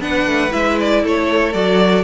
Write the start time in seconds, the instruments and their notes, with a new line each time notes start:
0.00 cello B3, viola D4, violin B4 F#5
0.26 cello A3
0.50 cello G#3, viola E4, violin E5
0.80 violin D5
1.03 cello A3, violin A4 C#5
1.53 cello F#3, viola F#4, violin D5